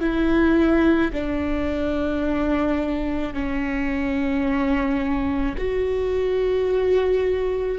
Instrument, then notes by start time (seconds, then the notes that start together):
viola
0.00 E4
1.13 D4
3.33 C#4
5.58 F#4